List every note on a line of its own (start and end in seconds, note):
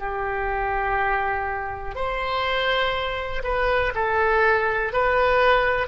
0.00 1.95 G4
1.95 3.43 C5
3.44 3.93 B4
3.95 4.93 A4
4.93 5.88 B4